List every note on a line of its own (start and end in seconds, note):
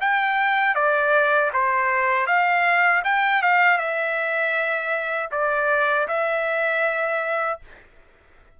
0.00 0.75 G5
0.75 1.51 D5
1.53 2.26 C5
2.26 3.02 F5
3.04 3.42 G5
3.42 3.77 F5
3.77 5.29 E5
5.31 6.07 D5
6.08 7.59 E5